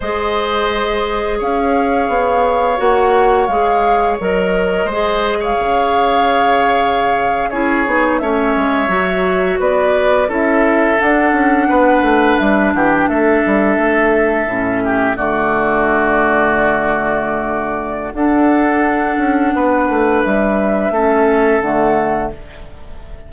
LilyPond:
<<
  \new Staff \with { instrumentName = "flute" } { \time 4/4 \tempo 4 = 86 dis''2 f''2 | fis''4 f''4 dis''4.~ dis''16 f''16~ | f''2~ f''8. cis''4 e''16~ | e''4.~ e''16 d''4 e''4 fis''16~ |
fis''4.~ fis''16 e''8 fis''16 g''16 e''4~ e''16~ | e''4.~ e''16 d''2~ d''16~ | d''2 fis''2~ | fis''4 e''2 fis''4 | }
  \new Staff \with { instrumentName = "oboe" } { \time 4/4 c''2 cis''2~ | cis''2. c''8. cis''16~ | cis''2~ cis''8. gis'4 cis''16~ | cis''4.~ cis''16 b'4 a'4~ a'16~ |
a'8. b'4. g'8 a'4~ a'16~ | a'4~ a'16 g'8 fis'2~ fis'16~ | fis'2 a'2 | b'2 a'2 | }
  \new Staff \with { instrumentName = "clarinet" } { \time 4/4 gis'1 | fis'4 gis'4 ais'4 gis'4~ | gis'2~ gis'8. e'8 dis'8 cis'16~ | cis'8. fis'2 e'4 d'16~ |
d'1~ | d'8. cis'4 a2~ a16~ | a2 d'2~ | d'2 cis'4 a4 | }
  \new Staff \with { instrumentName = "bassoon" } { \time 4/4 gis2 cis'4 b4 | ais4 gis4 fis4 gis4 | cis2~ cis8. cis'8 b8 a16~ | a16 gis8 fis4 b4 cis'4 d'16~ |
d'16 cis'8 b8 a8 g8 e8 a8 g8 a16~ | a8. a,4 d2~ d16~ | d2 d'4. cis'8 | b8 a8 g4 a4 d4 | }
>>